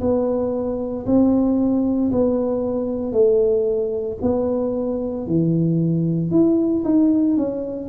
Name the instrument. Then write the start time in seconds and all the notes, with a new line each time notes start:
tuba
0.00 B3
1.06 C4
2.11 B3
3.12 A3
4.21 B3
5.27 E3
6.31 E4
6.84 D#4
7.36 C#4